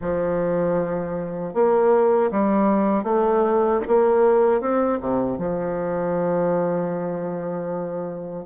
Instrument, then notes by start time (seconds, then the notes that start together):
bassoon
0.01 F3
1.53 A#3
2.31 G3
3.03 A3
3.87 A#3
4.60 C4
5.00 C3
5.38 F3